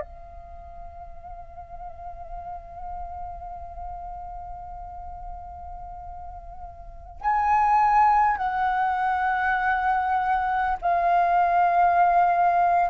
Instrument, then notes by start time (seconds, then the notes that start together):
flute
0.00 F5
7.21 G#5
8.37 F#5
10.81 F5